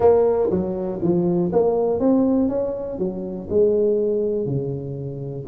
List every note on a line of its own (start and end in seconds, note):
0.00 0.49 A#3
0.50 1.00 F#3
1.02 1.51 F3
1.52 1.99 A#3
1.99 2.48 C4
2.48 2.98 C#4
2.98 3.47 F#3
3.49 4.46 G#3
4.46 5.45 C#3